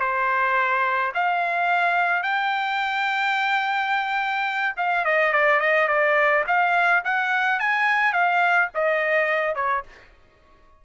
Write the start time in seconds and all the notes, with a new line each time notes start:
0.00 C5
1.14 F5
2.23 G5
4.77 F5
5.05 D#5
5.33 D5
5.60 D#5
5.88 D5
6.47 F5
7.04 F#5
7.60 G#5
8.13 F5
8.74 D#5
9.55 C#5